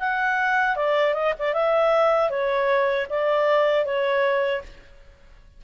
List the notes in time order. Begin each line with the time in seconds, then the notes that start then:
0.00 F#5
0.76 D5
1.14 D#5
1.39 D5
1.54 E5
2.30 C#5
3.10 D5
3.85 C#5